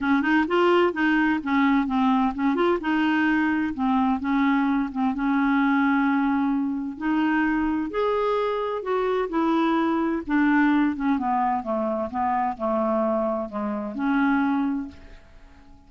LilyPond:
\new Staff \with { instrumentName = "clarinet" } { \time 4/4 \tempo 4 = 129 cis'8 dis'8 f'4 dis'4 cis'4 | c'4 cis'8 f'8 dis'2 | c'4 cis'4. c'8 cis'4~ | cis'2. dis'4~ |
dis'4 gis'2 fis'4 | e'2 d'4. cis'8 | b4 a4 b4 a4~ | a4 gis4 cis'2 | }